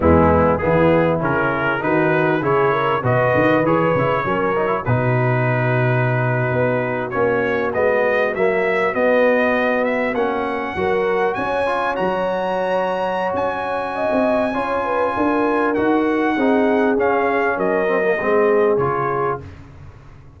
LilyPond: <<
  \new Staff \with { instrumentName = "trumpet" } { \time 4/4 \tempo 4 = 99 e'4 gis'4 ais'4 b'4 | cis''4 dis''4 cis''2 | b'2.~ b'8. cis''16~ | cis''8. dis''4 e''4 dis''4~ dis''16~ |
dis''16 e''8 fis''2 gis''4 ais''16~ | ais''2 gis''2~ | gis''2 fis''2 | f''4 dis''2 cis''4 | }
  \new Staff \with { instrumentName = "horn" } { \time 4/4 b4 e'2 fis'4 | gis'8 ais'8 b'2 ais'4 | fis'1~ | fis'1~ |
fis'4.~ fis'16 ais'4 cis''4~ cis''16~ | cis''2. dis''4 | cis''8 b'8 ais'2 gis'4~ | gis'4 ais'4 gis'2 | }
  \new Staff \with { instrumentName = "trombone" } { \time 4/4 gis4 b4 cis'4 dis'4 | e'4 fis'4 gis'8 e'8 cis'8 dis'16 e'16 | dis'2.~ dis'8. cis'16~ | cis'8. b4 ais4 b4~ b16~ |
b8. cis'4 fis'4. f'8 fis'16~ | fis'1 | f'2 fis'4 dis'4 | cis'4. c'16 ais16 c'4 f'4 | }
  \new Staff \with { instrumentName = "tuba" } { \time 4/4 e,4 e4 cis4 dis4 | cis4 b,8 dis8 e8 cis8 fis4 | b,2~ b,8. b4 ais16~ | ais8. gis4 fis4 b4~ b16~ |
b8. ais4 fis4 cis'4 fis16~ | fis2 cis'4~ cis'16 c'8. | cis'4 d'4 dis'4 c'4 | cis'4 fis4 gis4 cis4 | }
>>